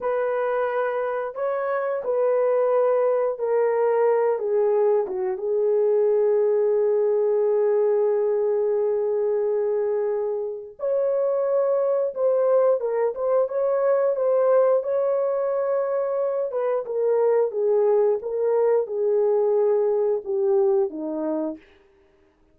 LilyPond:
\new Staff \with { instrumentName = "horn" } { \time 4/4 \tempo 4 = 89 b'2 cis''4 b'4~ | b'4 ais'4. gis'4 fis'8 | gis'1~ | gis'1 |
cis''2 c''4 ais'8 c''8 | cis''4 c''4 cis''2~ | cis''8 b'8 ais'4 gis'4 ais'4 | gis'2 g'4 dis'4 | }